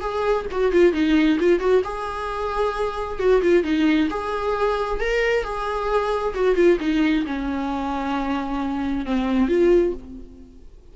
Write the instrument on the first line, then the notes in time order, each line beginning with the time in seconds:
viola
0.00 G#4
0.51 F#4
0.72 F4
0.93 D#4
1.39 F4
1.60 F#4
1.84 G#4
3.19 F#4
3.42 F4
3.63 D#4
4.09 G#4
5.00 A#4
5.43 G#4
6.34 F#4
6.55 F4
6.80 D#4
7.26 C#4
9.05 C4
9.48 F4